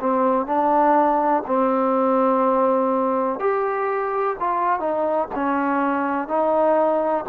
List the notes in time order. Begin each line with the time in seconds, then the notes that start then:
0.00 C4
0.47 D4
1.47 C4
3.40 G4
4.40 F4
4.80 D#4
5.35 C#4
6.28 D#4